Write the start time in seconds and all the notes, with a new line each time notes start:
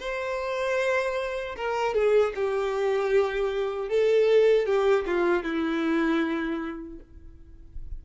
0.00 C5
1.56 A#4
1.94 G#4
2.36 G4
3.89 A4
4.66 G4
5.06 F4
5.43 E4